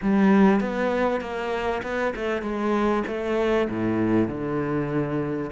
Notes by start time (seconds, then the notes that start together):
0.02 G3
0.60 B3
1.20 A#3
1.83 B3
2.15 A3
2.42 G#3
3.07 A3
3.69 A2
4.28 D3